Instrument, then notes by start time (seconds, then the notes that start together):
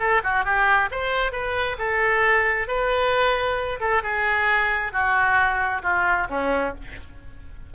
oboe
0.00 A4
0.24 F#4
0.45 G4
0.92 C5
1.32 B4
1.79 A4
2.68 B4
3.80 A4
4.03 G#4
4.93 F#4
5.83 F4
6.30 C#4